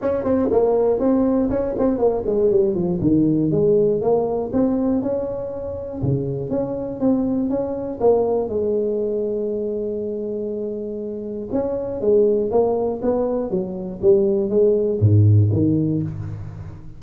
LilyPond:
\new Staff \with { instrumentName = "tuba" } { \time 4/4 \tempo 4 = 120 cis'8 c'8 ais4 c'4 cis'8 c'8 | ais8 gis8 g8 f8 dis4 gis4 | ais4 c'4 cis'2 | cis4 cis'4 c'4 cis'4 |
ais4 gis2.~ | gis2. cis'4 | gis4 ais4 b4 fis4 | g4 gis4 gis,4 dis4 | }